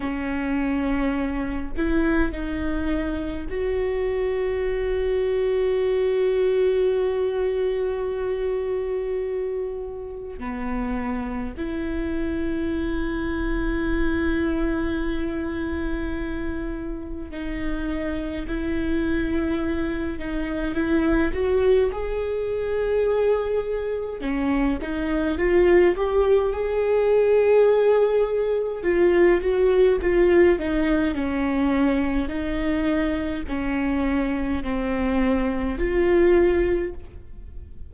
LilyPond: \new Staff \with { instrumentName = "viola" } { \time 4/4 \tempo 4 = 52 cis'4. e'8 dis'4 fis'4~ | fis'1~ | fis'4 b4 e'2~ | e'2. dis'4 |
e'4. dis'8 e'8 fis'8 gis'4~ | gis'4 cis'8 dis'8 f'8 g'8 gis'4~ | gis'4 f'8 fis'8 f'8 dis'8 cis'4 | dis'4 cis'4 c'4 f'4 | }